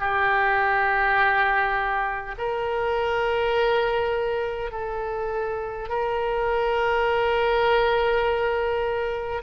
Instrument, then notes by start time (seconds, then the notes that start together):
oboe
0.00 G4
2.39 A#4
4.72 A4
5.89 A#4